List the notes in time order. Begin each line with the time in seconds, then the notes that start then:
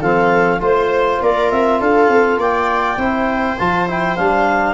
0.00 F3 C4 A4 F5
0.60 A3 F4 C5
1.21 A#3 A#4 D5
1.50 C4 E5
1.80 D4 A4 F5
2.08 C4
2.37 A#3 D5 G5
2.97 C4 E4 C5
3.57 F3 F4 A5
3.87 E4 G5
4.16 G3 D4 F5